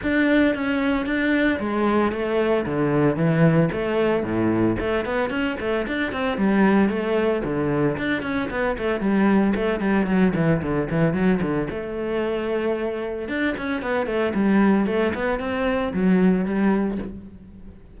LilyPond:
\new Staff \with { instrumentName = "cello" } { \time 4/4 \tempo 4 = 113 d'4 cis'4 d'4 gis4 | a4 d4 e4 a4 | a,4 a8 b8 cis'8 a8 d'8 c'8 | g4 a4 d4 d'8 cis'8 |
b8 a8 g4 a8 g8 fis8 e8 | d8 e8 fis8 d8 a2~ | a4 d'8 cis'8 b8 a8 g4 | a8 b8 c'4 fis4 g4 | }